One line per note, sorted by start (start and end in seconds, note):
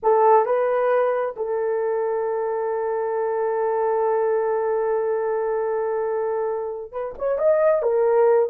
0.02 0.45 A4
0.45 1.35 B4
1.36 6.92 A4
6.92 7.14 B4
7.18 7.38 C#5
7.38 7.82 D#5
7.82 8.49 A#4